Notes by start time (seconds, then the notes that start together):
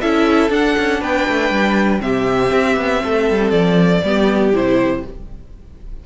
0.00 C#4 E4 A4 E5
0.50 D4 F#5
0.78 C#4
1.00 B3 B4 G5
1.28 A3
1.50 G3
1.99 C3 C4 G4 E5
2.51 C4
2.76 B3
3.03 A3 A4
3.30 G3
3.50 F3 D5
4.03 G3 B3 G4
4.53 C3 E4 C5